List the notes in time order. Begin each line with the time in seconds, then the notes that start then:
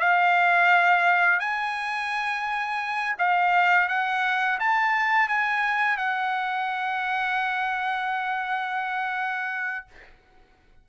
0.00 F5
1.40 G#5
3.19 F5
3.89 F#5
4.60 A5
5.29 G#5
5.98 F#5